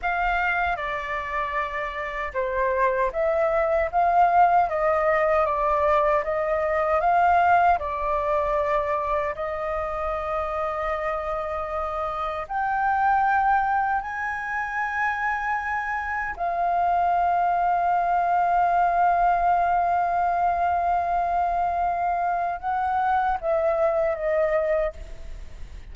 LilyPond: \new Staff \with { instrumentName = "flute" } { \time 4/4 \tempo 4 = 77 f''4 d''2 c''4 | e''4 f''4 dis''4 d''4 | dis''4 f''4 d''2 | dis''1 |
g''2 gis''2~ | gis''4 f''2.~ | f''1~ | f''4 fis''4 e''4 dis''4 | }